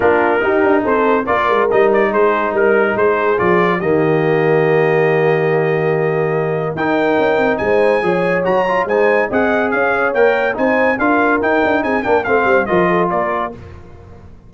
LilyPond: <<
  \new Staff \with { instrumentName = "trumpet" } { \time 4/4 \tempo 4 = 142 ais'2 c''4 d''4 | dis''8 d''8 c''4 ais'4 c''4 | d''4 dis''2.~ | dis''1 |
g''2 gis''2 | ais''4 gis''4 fis''4 f''4 | g''4 gis''4 f''4 g''4 | gis''8 g''8 f''4 dis''4 d''4 | }
  \new Staff \with { instrumentName = "horn" } { \time 4/4 f'4 g'4 a'4 ais'4~ | ais'4 gis'4 ais'4 gis'4~ | gis'4 g'2.~ | g'1 |
ais'2 c''4 cis''4~ | cis''4 c''4 dis''4 cis''4~ | cis''4 c''4 ais'2 | gis'8 ais'8 c''4 ais'8 a'8 ais'4 | }
  \new Staff \with { instrumentName = "trombone" } { \time 4/4 d'4 dis'2 f'4 | dis'1 | f'4 ais2.~ | ais1 |
dis'2. gis'4 | fis'8 f'8 dis'4 gis'2 | ais'4 dis'4 f'4 dis'4~ | dis'8 d'8 c'4 f'2 | }
  \new Staff \with { instrumentName = "tuba" } { \time 4/4 ais4 dis'8 d'8 c'4 ais8 gis8 | g4 gis4 g4 gis4 | f4 dis2.~ | dis1 |
dis'4 cis'8 c'8 gis4 f4 | fis4 gis4 c'4 cis'4 | ais4 c'4 d'4 dis'8 d'8 | c'8 ais8 a8 g8 f4 ais4 | }
>>